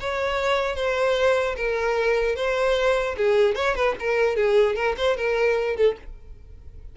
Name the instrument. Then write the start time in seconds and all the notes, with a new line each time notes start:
violin
0.00 C#5
0.76 C5
1.57 A#4
2.36 C5
3.17 G#4
3.55 C#5
3.75 B4
3.99 A#4
4.36 G#4
4.75 A#4
4.98 C5
5.17 A#4
5.77 A4